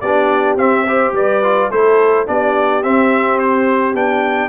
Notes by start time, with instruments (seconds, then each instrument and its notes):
0.00 tuba B3, trombone D4, horn G4, trumpet D5
0.55 tuba C4, trombone C4, trumpet E5
0.86 trombone G4, horn C5
1.12 tuba G3, horn B4, trumpet D5
1.43 trombone F4
1.70 tuba A3, trombone E4, horn A4, trumpet C5
2.26 tuba B3, trombone D4, horn G4, trumpet D5
2.83 tuba C4, trombone C4, trumpet E5
3.38 trumpet C5
3.93 tuba B3, trombone D4, trumpet G5